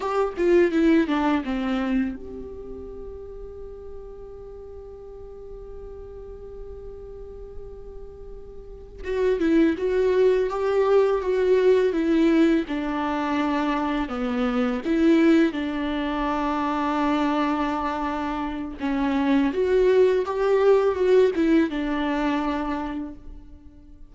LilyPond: \new Staff \with { instrumentName = "viola" } { \time 4/4 \tempo 4 = 83 g'8 f'8 e'8 d'8 c'4 g'4~ | g'1~ | g'1~ | g'8 fis'8 e'8 fis'4 g'4 fis'8~ |
fis'8 e'4 d'2 b8~ | b8 e'4 d'2~ d'8~ | d'2 cis'4 fis'4 | g'4 fis'8 e'8 d'2 | }